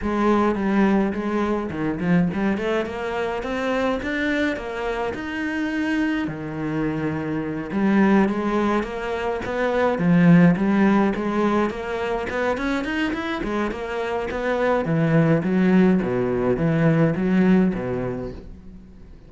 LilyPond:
\new Staff \with { instrumentName = "cello" } { \time 4/4 \tempo 4 = 105 gis4 g4 gis4 dis8 f8 | g8 a8 ais4 c'4 d'4 | ais4 dis'2 dis4~ | dis4. g4 gis4 ais8~ |
ais8 b4 f4 g4 gis8~ | gis8 ais4 b8 cis'8 dis'8 e'8 gis8 | ais4 b4 e4 fis4 | b,4 e4 fis4 b,4 | }